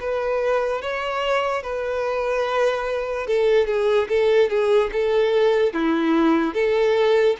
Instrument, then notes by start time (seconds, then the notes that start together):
violin
0.00 B4
0.82 C#5
1.63 B4
3.27 A4
3.67 G#4
4.09 A4
4.49 G#4
4.92 A4
5.73 E4
6.54 A4